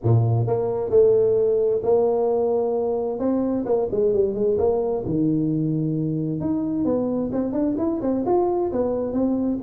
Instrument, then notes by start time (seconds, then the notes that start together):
tuba
0.03 A#2
0.46 A#3
0.90 A3
1.83 A#3
3.19 C4
3.65 A#3
3.91 G#3
4.13 G3
4.34 G#3
4.58 A#3
5.05 D#3
6.40 D#4
6.84 B3
7.32 C4
7.52 D4
7.77 E4
8.01 C4
8.25 F4
8.71 B3
9.12 C4